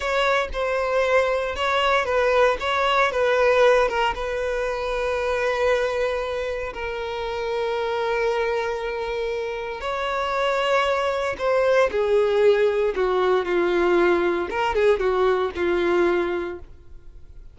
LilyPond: \new Staff \with { instrumentName = "violin" } { \time 4/4 \tempo 4 = 116 cis''4 c''2 cis''4 | b'4 cis''4 b'4. ais'8 | b'1~ | b'4 ais'2.~ |
ais'2. cis''4~ | cis''2 c''4 gis'4~ | gis'4 fis'4 f'2 | ais'8 gis'8 fis'4 f'2 | }